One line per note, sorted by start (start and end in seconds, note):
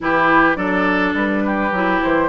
0.00 0.56 E3
0.00 0.56 E4
0.00 0.57 G4
0.00 0.56 B4
0.56 1.13 F#3
0.56 1.71 D4
0.56 1.43 A4
0.56 1.13 D5
1.13 1.71 G3
1.13 2.02 B4
1.45 2.29 G4
1.71 2.00 F#3
1.71 2.29 E4
2.02 2.29 E3
2.02 2.29 C5